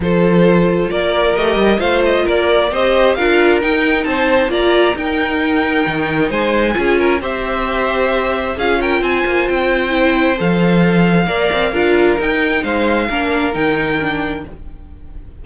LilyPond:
<<
  \new Staff \with { instrumentName = "violin" } { \time 4/4 \tempo 4 = 133 c''2 d''4 dis''4 | f''8 dis''8 d''4 dis''4 f''4 | g''4 a''4 ais''4 g''4~ | g''2 gis''2 |
e''2. f''8 g''8 | gis''4 g''2 f''4~ | f''2. g''4 | f''2 g''2 | }
  \new Staff \with { instrumentName = "violin" } { \time 4/4 a'2 ais'2 | c''4 ais'4 c''4 ais'4~ | ais'4 c''4 d''4 ais'4~ | ais'2 c''4 gis'8 ais'8 |
c''2. gis'8 ais'8 | c''1~ | c''4 d''4 ais'2 | c''4 ais'2. | }
  \new Staff \with { instrumentName = "viola" } { \time 4/4 f'2. g'4 | f'2 g'4 f'4 | dis'2 f'4 dis'4~ | dis'2. f'4 |
g'2. f'4~ | f'2 e'4 a'4~ | a'4 ais'4 f'4 dis'4~ | dis'4 d'4 dis'4 d'4 | }
  \new Staff \with { instrumentName = "cello" } { \time 4/4 f2 ais4 a8 g8 | a4 ais4 c'4 d'4 | dis'4 c'4 ais4 dis'4~ | dis'4 dis4 gis4 cis'4 |
c'2. cis'4 | c'8 ais8 c'2 f4~ | f4 ais8 c'8 d'4 dis'4 | gis4 ais4 dis2 | }
>>